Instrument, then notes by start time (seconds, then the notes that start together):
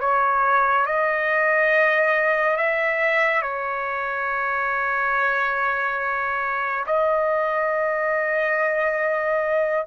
trumpet
0.00 C#5
0.86 D#5
2.56 E5
3.42 C#5
6.86 D#5